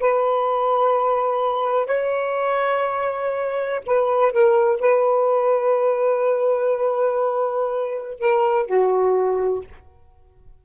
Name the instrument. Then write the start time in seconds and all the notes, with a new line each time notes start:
saxophone
0.00 B4
1.87 C#5
3.86 B4
4.32 A#4
4.80 B4
8.19 A#4
8.66 F#4